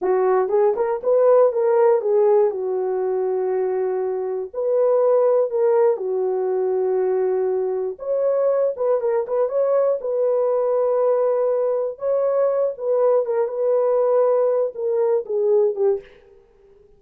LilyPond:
\new Staff \with { instrumentName = "horn" } { \time 4/4 \tempo 4 = 120 fis'4 gis'8 ais'8 b'4 ais'4 | gis'4 fis'2.~ | fis'4 b'2 ais'4 | fis'1 |
cis''4. b'8 ais'8 b'8 cis''4 | b'1 | cis''4. b'4 ais'8 b'4~ | b'4. ais'4 gis'4 g'8 | }